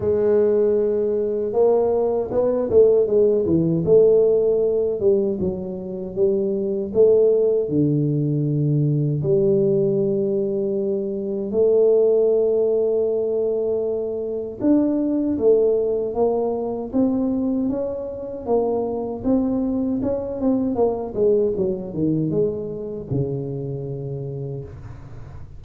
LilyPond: \new Staff \with { instrumentName = "tuba" } { \time 4/4 \tempo 4 = 78 gis2 ais4 b8 a8 | gis8 e8 a4. g8 fis4 | g4 a4 d2 | g2. a4~ |
a2. d'4 | a4 ais4 c'4 cis'4 | ais4 c'4 cis'8 c'8 ais8 gis8 | fis8 dis8 gis4 cis2 | }